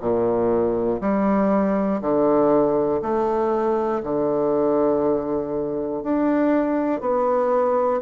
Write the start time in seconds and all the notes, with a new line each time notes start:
0.00 A#2
1.00 G3
2.00 D3
3.01 A3
4.03 D3
6.03 D4
7.00 B3